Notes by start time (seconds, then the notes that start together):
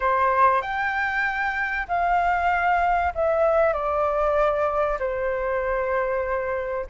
0.00 C5
0.61 G5
1.88 F5
3.14 E5
3.73 D5
4.99 C5